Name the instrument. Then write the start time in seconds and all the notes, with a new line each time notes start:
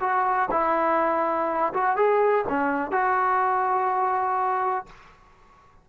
trombone
0.00 F#4
0.51 E4
1.73 F#4
1.96 G#4
2.48 C#4
2.91 F#4